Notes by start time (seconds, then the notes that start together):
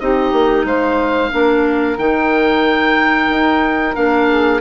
0.00 C4 D#4 G4 D#5
0.32 A#3
0.64 G#3 C5 F5
1.31 A#3 D4 A#4
1.98 D#3 D#4 G5
3.29 D#4
3.95 A#3 D4 F5
4.28 G#4